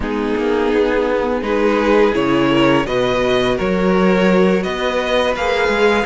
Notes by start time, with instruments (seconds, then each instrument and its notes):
0.00 cello G#3, viola B3, violin D#4 G#4
0.36 cello A#3
0.72 cello B3
1.42 cello G#3, viola D#4, violin G#4 B4
2.12 cello C#3, viola E4, violin C#5
2.50 violin A#4
2.85 cello B2, viola F#4, violin B4 D#5
3.56 cello F#3, violin A#4 C#5
4.63 cello B3, violin B4 D#5
5.35 cello A#3, viola G#4, violin F5
5.68 cello G#3